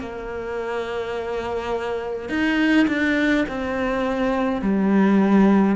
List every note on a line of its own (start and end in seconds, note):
0.00 2.29 A#3
2.29 2.87 D#4
2.88 3.46 D4
3.48 4.62 C4
4.62 5.76 G3